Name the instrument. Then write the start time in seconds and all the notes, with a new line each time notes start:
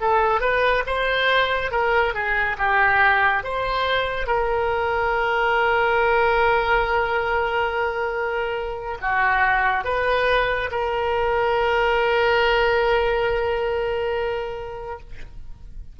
oboe
0.00 A4
0.40 B4
0.86 C5
1.71 A#4
2.14 G#4
2.58 G4
3.43 C5
4.26 A#4
9.01 F#4
9.84 B4
10.71 A#4